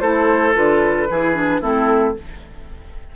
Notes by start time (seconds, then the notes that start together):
0.00 A3 E4 A4 C5
0.53 D3 F4 B4
1.09 E3 E4 G#4
1.34 D4
1.61 A3 C4 E4 A4